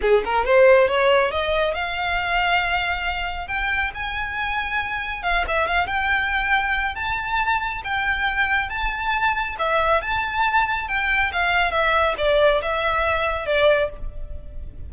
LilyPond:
\new Staff \with { instrumentName = "violin" } { \time 4/4 \tempo 4 = 138 gis'8 ais'8 c''4 cis''4 dis''4 | f''1 | g''4 gis''2. | f''8 e''8 f''8 g''2~ g''8 |
a''2 g''2 | a''2 e''4 a''4~ | a''4 g''4 f''4 e''4 | d''4 e''2 d''4 | }